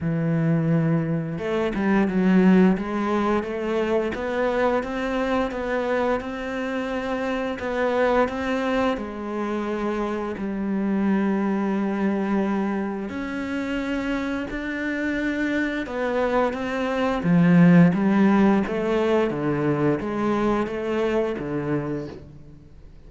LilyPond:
\new Staff \with { instrumentName = "cello" } { \time 4/4 \tempo 4 = 87 e2 a8 g8 fis4 | gis4 a4 b4 c'4 | b4 c'2 b4 | c'4 gis2 g4~ |
g2. cis'4~ | cis'4 d'2 b4 | c'4 f4 g4 a4 | d4 gis4 a4 d4 | }